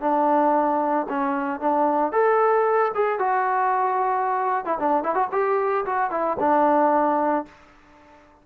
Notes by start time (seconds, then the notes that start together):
0.00 D4
1.08 C#4
1.60 D4
2.12 A4
2.94 G#4
3.19 F#4
4.64 E4
4.79 D4
5.03 E4
5.14 F#4
5.31 G4
5.85 F#4
6.10 E4
6.39 D4